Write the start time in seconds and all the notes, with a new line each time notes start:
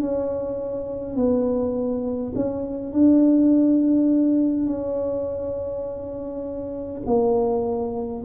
0.00 C#4
1.16 B3
2.35 C#4
2.93 D4
4.66 C#4
7.06 A#3